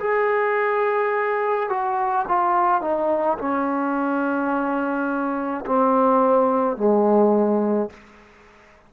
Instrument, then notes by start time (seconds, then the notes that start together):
trombone
0.00 G#4
1.69 F#4
2.28 F4
2.81 D#4
3.39 C#4
5.66 C4
6.77 G#3